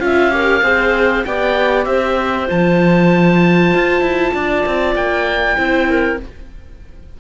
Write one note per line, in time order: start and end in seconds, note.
0.00 0.62 C#4
0.00 0.31 F4
0.00 0.35 E5
0.00 1.24 F5
0.31 0.62 G4
0.31 0.64 A#4
0.62 1.24 C4
0.62 1.25 G#4
0.62 1.26 C5
1.24 1.86 B3
1.24 2.47 G4
1.24 1.87 D5
1.24 1.85 G5
1.85 2.48 C4
1.85 4.34 C5
1.85 2.47 E5
2.47 3.74 F3
2.47 5.56 F4
2.47 4.96 A5
3.74 4.01 F4
4.01 4.32 E4
4.34 4.64 D4
4.34 5.58 D5
4.66 4.95 C4
4.95 5.57 A#3
4.95 6.19 G5
5.56 6.19 C4
5.56 6.18 E4
5.56 5.89 C5
5.89 6.20 A#4